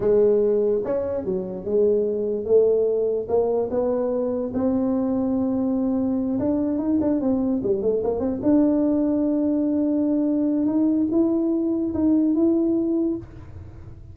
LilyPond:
\new Staff \with { instrumentName = "tuba" } { \time 4/4 \tempo 4 = 146 gis2 cis'4 fis4 | gis2 a2 | ais4 b2 c'4~ | c'2.~ c'8 d'8~ |
d'8 dis'8 d'8 c'4 g8 a8 ais8 | c'8 d'2.~ d'8~ | d'2 dis'4 e'4~ | e'4 dis'4 e'2 | }